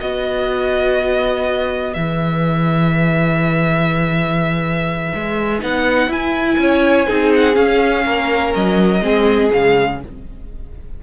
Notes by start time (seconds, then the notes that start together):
0.00 B3 F#4 B4 D#5
1.94 E3 G#4 E5
5.15 G#3
5.60 B3 D#4 F#5
6.08 E4 G#5
6.58 C#4 C#5
7.07 C4 D#4 G#4
7.35 F#5
7.54 C#4 F5
8.05 A#3 A#4
8.55 F#3 D#5
9.02 G#3 C4 G#4
9.51 C#3 G#3 F5